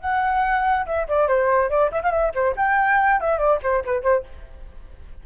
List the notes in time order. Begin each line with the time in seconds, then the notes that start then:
0.00 F#5
0.86 E5
1.08 D5
1.27 C5
1.69 D5
1.91 E5
2.03 F5
2.11 E5
2.34 C5
2.56 G5
3.20 E5
3.38 D5
3.62 C5
3.85 B4
4.02 C5